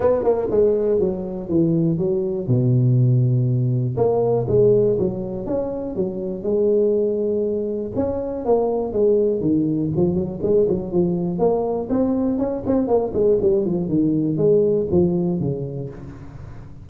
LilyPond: \new Staff \with { instrumentName = "tuba" } { \time 4/4 \tempo 4 = 121 b8 ais8 gis4 fis4 e4 | fis4 b,2. | ais4 gis4 fis4 cis'4 | fis4 gis2. |
cis'4 ais4 gis4 dis4 | f8 fis8 gis8 fis8 f4 ais4 | c'4 cis'8 c'8 ais8 gis8 g8 f8 | dis4 gis4 f4 cis4 | }